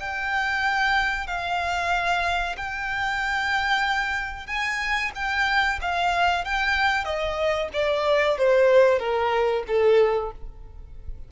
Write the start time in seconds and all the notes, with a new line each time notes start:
0.00 G5
1.27 F5
2.57 G5
4.47 G#5
5.15 G5
5.82 F5
6.45 G5
7.05 D#5
7.74 D5
8.38 C5
8.99 A#4
9.67 A4